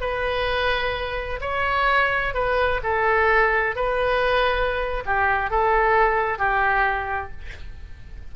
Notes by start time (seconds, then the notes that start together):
0.00 B4
1.41 C#5
2.34 B4
2.83 A4
3.75 B4
5.05 G4
5.50 A4
6.38 G4